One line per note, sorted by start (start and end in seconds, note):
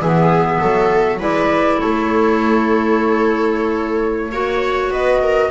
0.00 0.59 E3
0.00 1.18 B3
0.00 0.59 G#4
0.00 1.20 E5
0.59 1.19 F#3
0.59 1.19 A4
1.18 1.79 G#3
1.18 4.30 E4
1.18 1.78 B4
1.18 1.79 D5
1.79 4.31 A3
1.79 4.32 A4
1.79 4.91 C#5
4.31 4.90 A#3
4.31 5.50 F#4
4.31 4.91 C#5
4.90 5.49 B3
4.90 5.21 B4
4.90 5.50 D#5
5.22 5.50 A#4